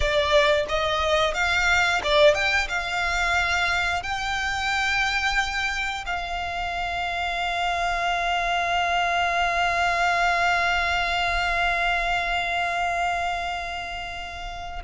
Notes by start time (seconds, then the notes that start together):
0.00 D5
0.69 D#5
1.33 F5
2.03 D5
2.34 G5
2.68 F5
4.02 G5
6.06 F5